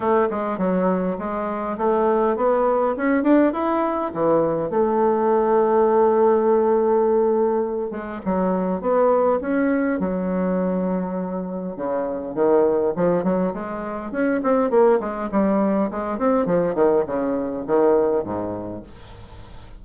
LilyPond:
\new Staff \with { instrumentName = "bassoon" } { \time 4/4 \tempo 4 = 102 a8 gis8 fis4 gis4 a4 | b4 cis'8 d'8 e'4 e4 | a1~ | a4. gis8 fis4 b4 |
cis'4 fis2. | cis4 dis4 f8 fis8 gis4 | cis'8 c'8 ais8 gis8 g4 gis8 c'8 | f8 dis8 cis4 dis4 gis,4 | }